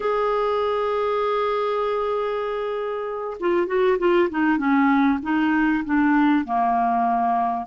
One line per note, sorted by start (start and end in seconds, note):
0.00 3.37 G#4
3.40 3.67 F4
3.67 3.97 F#4
3.98 4.29 F4
4.30 4.57 D#4
4.57 5.18 C#4
5.22 5.83 D#4
5.84 6.45 D4
6.45 7.66 A#3